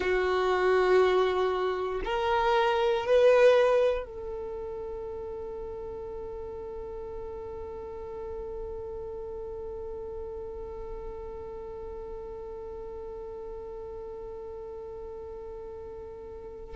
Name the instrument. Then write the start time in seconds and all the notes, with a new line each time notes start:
violin
0.00 F#4
2.04 A#4
3.06 B4
4.05 A4